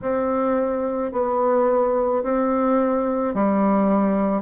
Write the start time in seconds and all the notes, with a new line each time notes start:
0.01 C4
1.12 B3
2.23 C4
3.34 G3